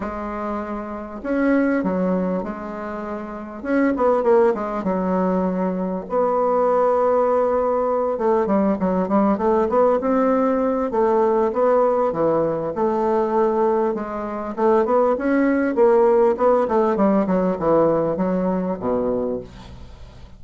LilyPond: \new Staff \with { instrumentName = "bassoon" } { \time 4/4 \tempo 4 = 99 gis2 cis'4 fis4 | gis2 cis'8 b8 ais8 gis8 | fis2 b2~ | b4. a8 g8 fis8 g8 a8 |
b8 c'4. a4 b4 | e4 a2 gis4 | a8 b8 cis'4 ais4 b8 a8 | g8 fis8 e4 fis4 b,4 | }